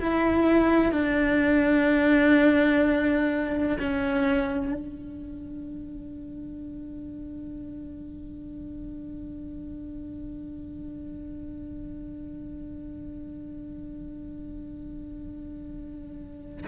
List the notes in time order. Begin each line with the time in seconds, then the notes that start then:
0.00 E4
0.92 D4
3.80 C#4
4.74 D4